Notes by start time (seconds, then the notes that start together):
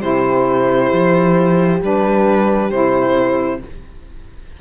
0.00 C3 E4 G4 C5
0.93 F3
1.82 G3 D4 B4
2.71 C3 E4 C5